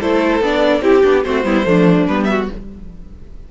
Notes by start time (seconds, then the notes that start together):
0.00 A3 E4 A4 C5
0.40 B3 D4 D5
0.81 C4 E4 G4
1.02 B3 D4
1.23 A3 C4 F#4 C5
1.44 G3 B3 E4
1.64 F3 A3 D4
2.07 G3 B3 B4
2.24 F#4 E5